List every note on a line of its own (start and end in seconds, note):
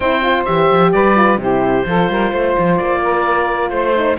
0.00 0.43 C4
0.00 0.22 E4
0.00 0.91 C5
0.00 0.43 G5
0.22 0.45 F4
0.45 0.71 E3
0.45 1.15 G4
0.45 0.91 E5
0.71 0.93 F3
0.91 1.37 G3
0.91 1.40 B4
0.91 1.38 D5
1.15 1.39 F4
1.37 1.83 C3
1.37 1.86 E4
1.37 1.87 G4
1.37 2.76 C5
1.85 2.08 F3
1.85 3.95 F4
1.85 2.11 A4
2.08 2.31 G3
2.08 2.31 A#4
2.31 2.55 A3
2.31 3.01 C5
2.58 2.79 F3
2.76 3.70 A#3
2.76 3.69 D5
3.01 3.71 A#4
3.69 4.16 A3
3.69 4.16 C5
3.69 4.19 C5
3.95 4.18 D#4